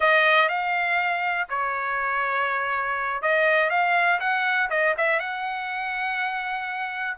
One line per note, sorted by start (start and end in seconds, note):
0.00 0.48 D#5
0.48 1.48 F5
1.49 3.21 C#5
3.21 3.69 D#5
3.69 4.19 F5
4.19 4.69 F#5
4.70 4.95 D#5
4.97 5.19 E5
5.19 7.17 F#5